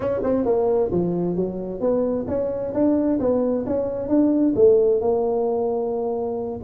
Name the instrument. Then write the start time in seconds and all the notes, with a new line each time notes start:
tuba
0.00 C#4
0.23 C4
0.45 A#3
0.91 F3
1.36 F#3
1.80 B3
2.27 C#4
2.74 D4
3.19 B3
3.66 C#4
4.08 D4
4.55 A3
5.01 A#3